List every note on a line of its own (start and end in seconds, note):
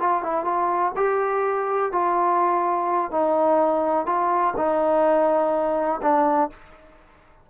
0.00 0.23 F4
0.23 0.45 E4
0.45 0.93 F4
0.96 1.92 G4
1.92 3.12 F4
3.12 4.06 D#4
4.06 4.54 F4
4.57 6.01 D#4
6.02 6.50 D4